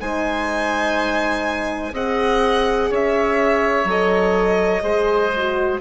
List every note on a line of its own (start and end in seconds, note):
0.00 1.92 G#3
0.00 1.94 D#4
0.00 1.93 C5
0.00 1.94 G#5
1.92 2.89 C4
1.92 3.87 G#4
1.92 2.90 D#5
1.92 2.92 F#5
2.90 3.84 C#4
2.90 4.83 C#5
2.90 3.90 E5
3.84 4.81 F#3
3.84 4.81 A4
3.84 5.80 D#5
4.81 5.79 G#3
4.81 5.30 G#4
4.81 5.79 C5
5.36 5.80 F#4